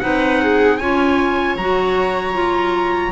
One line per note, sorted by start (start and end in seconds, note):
0.00 0.81 C4
0.00 0.79 D#4
0.00 0.41 B4
0.00 0.78 F#5
0.41 0.80 G#4
0.78 1.56 C#4
0.78 1.59 F4
0.78 3.12 C#5
0.78 1.56 G#5
1.56 3.12 F#3
1.56 2.34 F#4
1.56 3.12 A#5
2.34 3.12 F4